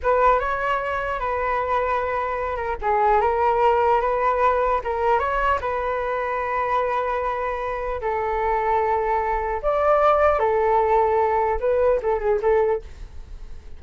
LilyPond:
\new Staff \with { instrumentName = "flute" } { \time 4/4 \tempo 4 = 150 b'4 cis''2 b'4~ | b'2~ b'8 ais'8 gis'4 | ais'2 b'2 | ais'4 cis''4 b'2~ |
b'1 | a'1 | d''2 a'2~ | a'4 b'4 a'8 gis'8 a'4 | }